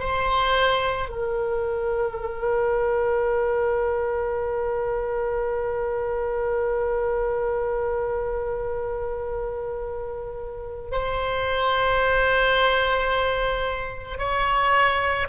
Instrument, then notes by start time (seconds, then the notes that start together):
oboe
0.00 C5
1.09 A#4
10.91 C5
14.19 C#5